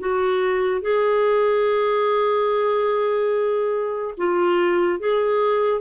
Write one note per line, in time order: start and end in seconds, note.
0.00 0.81 F#4
0.81 4.15 G#4
4.18 5.00 F4
5.00 5.81 G#4